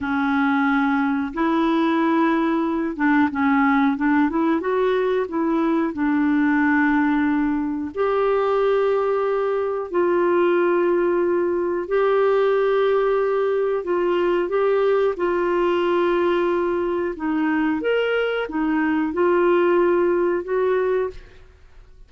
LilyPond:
\new Staff \with { instrumentName = "clarinet" } { \time 4/4 \tempo 4 = 91 cis'2 e'2~ | e'8 d'8 cis'4 d'8 e'8 fis'4 | e'4 d'2. | g'2. f'4~ |
f'2 g'2~ | g'4 f'4 g'4 f'4~ | f'2 dis'4 ais'4 | dis'4 f'2 fis'4 | }